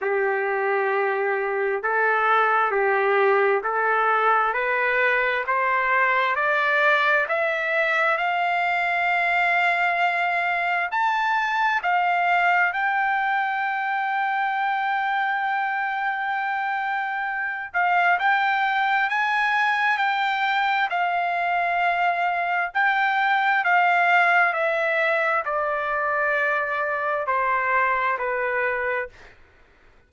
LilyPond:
\new Staff \with { instrumentName = "trumpet" } { \time 4/4 \tempo 4 = 66 g'2 a'4 g'4 | a'4 b'4 c''4 d''4 | e''4 f''2. | a''4 f''4 g''2~ |
g''2.~ g''8 f''8 | g''4 gis''4 g''4 f''4~ | f''4 g''4 f''4 e''4 | d''2 c''4 b'4 | }